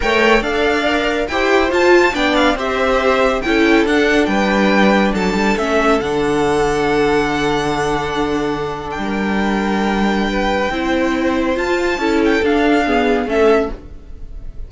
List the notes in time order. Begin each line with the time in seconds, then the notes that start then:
0.00 A3 A#4 C#5 G5
0.41 D4 A4 D5 F5
0.87 A#4
1.27 E4 G4 C5 G5
1.68 F4 A5
2.13 B3 D4 D5 G5
2.35 F5
2.55 C4 G4 C5 E5
3.42 C#4 E4 A4 G5
3.84 D4 F#5
4.25 G3 B4 G5
5.13 F#3 A4 A5
5.33 G3
5.57 A3 C#4 E5
6.00 D3 D4 F#5
8.90 G5
8.97 G3 A#4
10.30 B4
10.70 C4 E4 C5
11.55 F4 A5
11.98 C#4 E4 A4
12.25 G5
12.42 D4 F5
12.86 B3 G#4
13.25 A3 C#4 A4 E5